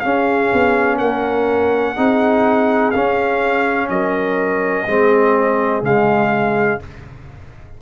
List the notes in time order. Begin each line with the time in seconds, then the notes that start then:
0.00 C#4 G#4 F5
0.53 B3
0.97 A#3 A#4 F#5
1.96 C4 D#4 G#4
2.91 C#4 F5
3.90 F#3 A#4 D#5
4.86 G#3 C4 G#4
5.82 C#3 G#3 F5